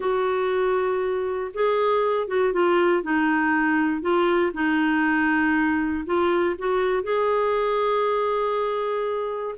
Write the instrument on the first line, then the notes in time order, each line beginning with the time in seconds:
clarinet
0.00 F#4
1.54 G#4
2.27 F#4
2.52 F4
3.03 D#4
4.01 F4
4.53 D#4
6.05 F4
6.58 F#4
7.03 G#4